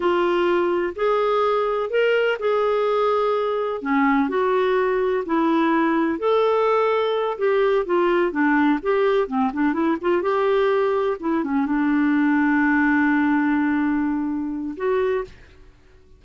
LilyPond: \new Staff \with { instrumentName = "clarinet" } { \time 4/4 \tempo 4 = 126 f'2 gis'2 | ais'4 gis'2. | cis'4 fis'2 e'4~ | e'4 a'2~ a'8 g'8~ |
g'8 f'4 d'4 g'4 c'8 | d'8 e'8 f'8 g'2 e'8 | cis'8 d'2.~ d'8~ | d'2. fis'4 | }